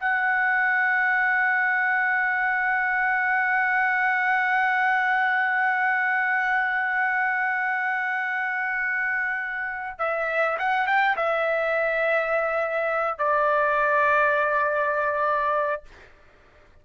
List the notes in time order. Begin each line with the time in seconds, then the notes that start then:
0.00 F#5
9.99 E5
10.59 F#5
10.87 G5
11.17 E5
13.18 D5